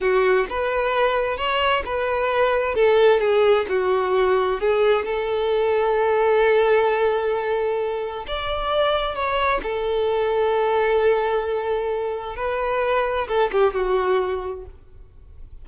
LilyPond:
\new Staff \with { instrumentName = "violin" } { \time 4/4 \tempo 4 = 131 fis'4 b'2 cis''4 | b'2 a'4 gis'4 | fis'2 gis'4 a'4~ | a'1~ |
a'2 d''2 | cis''4 a'2.~ | a'2. b'4~ | b'4 a'8 g'8 fis'2 | }